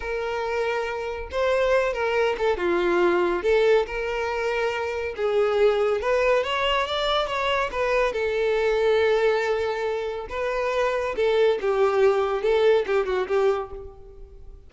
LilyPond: \new Staff \with { instrumentName = "violin" } { \time 4/4 \tempo 4 = 140 ais'2. c''4~ | c''8 ais'4 a'8 f'2 | a'4 ais'2. | gis'2 b'4 cis''4 |
d''4 cis''4 b'4 a'4~ | a'1 | b'2 a'4 g'4~ | g'4 a'4 g'8 fis'8 g'4 | }